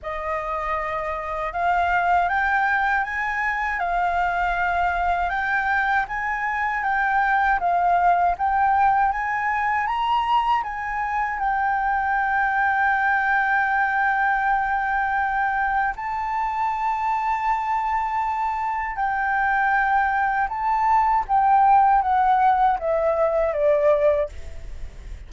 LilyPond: \new Staff \with { instrumentName = "flute" } { \time 4/4 \tempo 4 = 79 dis''2 f''4 g''4 | gis''4 f''2 g''4 | gis''4 g''4 f''4 g''4 | gis''4 ais''4 gis''4 g''4~ |
g''1~ | g''4 a''2.~ | a''4 g''2 a''4 | g''4 fis''4 e''4 d''4 | }